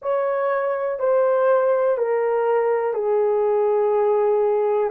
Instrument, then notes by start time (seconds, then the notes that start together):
horn
0.01 C#5
0.99 C5
1.97 A#4
2.93 G#4